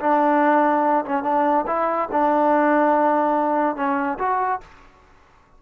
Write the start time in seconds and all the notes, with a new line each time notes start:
0.00 D4
1.05 C#4
1.23 D4
1.66 E4
2.12 D4
3.76 C#4
4.18 F#4